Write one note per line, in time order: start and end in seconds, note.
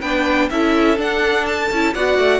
0.00 0.50 B3
0.00 0.51 D4
0.00 0.48 B4
0.00 0.49 G5
0.50 0.98 C#4
0.50 0.97 E4
0.50 1.95 A4
0.50 0.98 E5
0.97 1.69 D4
0.97 1.70 D4
0.97 1.46 F#5
1.46 1.94 A5
1.71 1.95 C#4
1.71 1.95 E4
1.95 2.18 B3
1.95 2.40 F#4
1.95 2.40 D5
1.95 2.40 F#5
2.18 2.40 A3